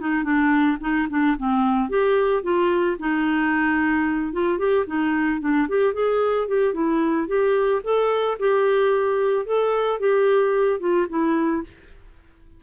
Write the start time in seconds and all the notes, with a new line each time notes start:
0.00 D#4
0.24 D4
0.81 D#4
1.10 D4
1.38 C4
1.89 G4
2.43 F4
2.99 D#4
4.33 F4
4.58 G4
4.86 D#4
5.41 D4
5.68 G4
5.94 G#4
6.48 G4
6.74 E4
7.28 G4
7.84 A4
8.39 G4
9.46 A4
10.00 G4
10.80 F4
11.09 E4